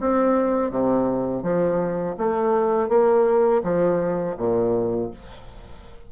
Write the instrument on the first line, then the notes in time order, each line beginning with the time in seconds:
bassoon
0.00 C4
0.71 C3
1.43 F3
2.17 A3
2.89 A#3
3.63 F3
4.37 A#2